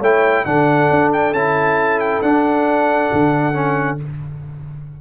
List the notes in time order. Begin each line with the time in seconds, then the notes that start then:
0.00 A3 E4 C#5 G5
0.45 D3 D4 A4 F#5
0.91 D4
1.13 G5
1.33 C#4 E4 A5
2.00 G5
2.22 D4 F#5
3.13 D3
3.53 C#4